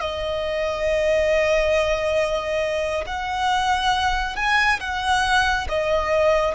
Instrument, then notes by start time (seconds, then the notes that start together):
violin
0.00 D#5
3.06 F#5
4.36 G#5
4.80 F#5
5.68 D#5